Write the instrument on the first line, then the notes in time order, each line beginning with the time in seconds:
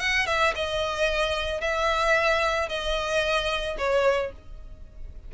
violin
0.00 F#5
0.27 E5
0.56 D#5
1.61 E5
2.69 D#5
3.78 C#5